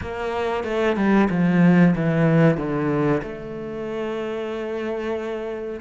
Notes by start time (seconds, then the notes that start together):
0.01 A#3
0.64 A3
0.96 G3
1.30 F3
1.95 E3
2.57 D3
3.22 A3